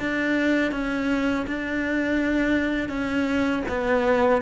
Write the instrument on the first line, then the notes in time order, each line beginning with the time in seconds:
cello
0.00 D4
0.72 C#4
1.47 D4
2.89 C#4
3.69 B3